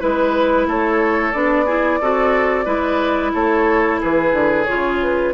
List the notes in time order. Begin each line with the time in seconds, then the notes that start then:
0.00 G#3 E4 B4
0.67 A3 A4 C#5
1.33 B3 D4 D5
1.66 E4 G#4
2.01 C4 F#4 A4
2.65 G#3 E4 B4
3.34 A3 A4 C#5
4.01 E3 G#4 B4
4.33 D3
4.64 F4 C#5
4.71 C#3
5.02 B4